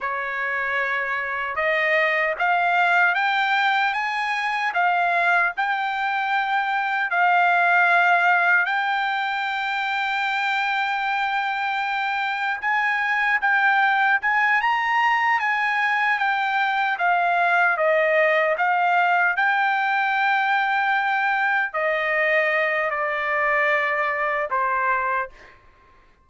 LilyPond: \new Staff \with { instrumentName = "trumpet" } { \time 4/4 \tempo 4 = 76 cis''2 dis''4 f''4 | g''4 gis''4 f''4 g''4~ | g''4 f''2 g''4~ | g''1 |
gis''4 g''4 gis''8 ais''4 gis''8~ | gis''8 g''4 f''4 dis''4 f''8~ | f''8 g''2. dis''8~ | dis''4 d''2 c''4 | }